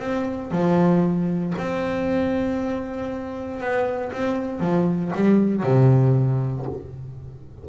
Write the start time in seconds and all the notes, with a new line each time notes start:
0.00 C4
0.51 F3
1.58 C4
3.61 B3
4.13 C4
4.60 F3
5.15 G3
5.63 C3